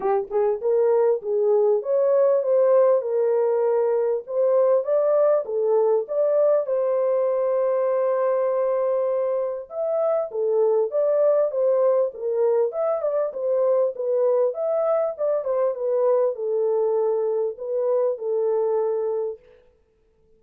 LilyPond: \new Staff \with { instrumentName = "horn" } { \time 4/4 \tempo 4 = 99 g'8 gis'8 ais'4 gis'4 cis''4 | c''4 ais'2 c''4 | d''4 a'4 d''4 c''4~ | c''1 |
e''4 a'4 d''4 c''4 | ais'4 e''8 d''8 c''4 b'4 | e''4 d''8 c''8 b'4 a'4~ | a'4 b'4 a'2 | }